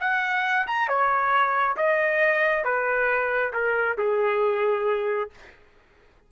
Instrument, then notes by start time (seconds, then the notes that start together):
trumpet
0.00 F#5
0.67 A#5
0.88 C#5
1.76 D#5
2.64 B4
3.53 A#4
3.97 G#4